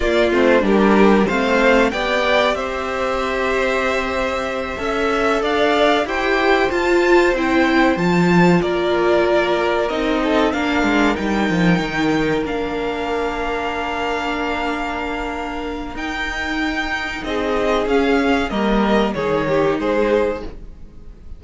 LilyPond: <<
  \new Staff \with { instrumentName = "violin" } { \time 4/4 \tempo 4 = 94 d''8 c''8 ais'4 f''4 g''4 | e''1~ | e''8 f''4 g''4 a''4 g''8~ | g''8 a''4 d''2 dis''8~ |
dis''8 f''4 g''2 f''8~ | f''1~ | f''4 g''2 dis''4 | f''4 dis''4 cis''4 c''4 | }
  \new Staff \with { instrumentName = "violin" } { \time 4/4 f'4 g'4 c''4 d''4 | c''2.~ c''8 e''8~ | e''8 d''4 c''2~ c''8~ | c''4. ais'2~ ais'8 |
a'8 ais'2.~ ais'8~ | ais'1~ | ais'2. gis'4~ | gis'4 ais'4 gis'8 g'8 gis'4 | }
  \new Staff \with { instrumentName = "viola" } { \time 4/4 ais8 c'8 d'4 c'4 g'4~ | g'2.~ g'8 a'8~ | a'4. g'4 f'4 e'8~ | e'8 f'2. dis'8~ |
dis'8 d'4 dis'2 d'8~ | d'1~ | d'4 dis'2. | cis'4 ais4 dis'2 | }
  \new Staff \with { instrumentName = "cello" } { \time 4/4 ais8 a8 g4 a4 b4 | c'2.~ c'8 cis'8~ | cis'8 d'4 e'4 f'4 c'8~ | c'8 f4 ais2 c'8~ |
c'8 ais8 gis8 g8 f8 dis4 ais8~ | ais1~ | ais4 dis'2 c'4 | cis'4 g4 dis4 gis4 | }
>>